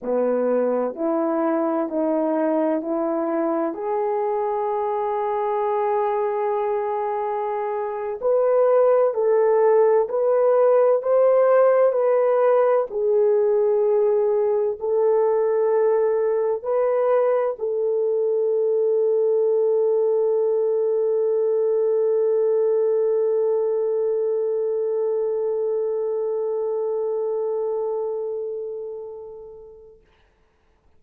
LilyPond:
\new Staff \with { instrumentName = "horn" } { \time 4/4 \tempo 4 = 64 b4 e'4 dis'4 e'4 | gis'1~ | gis'8. b'4 a'4 b'4 c''16~ | c''8. b'4 gis'2 a'16~ |
a'4.~ a'16 b'4 a'4~ a'16~ | a'1~ | a'1~ | a'1 | }